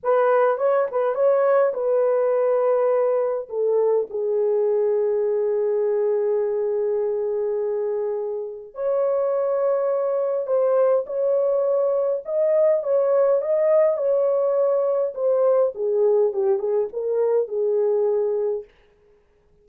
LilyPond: \new Staff \with { instrumentName = "horn" } { \time 4/4 \tempo 4 = 103 b'4 cis''8 b'8 cis''4 b'4~ | b'2 a'4 gis'4~ | gis'1~ | gis'2. cis''4~ |
cis''2 c''4 cis''4~ | cis''4 dis''4 cis''4 dis''4 | cis''2 c''4 gis'4 | g'8 gis'8 ais'4 gis'2 | }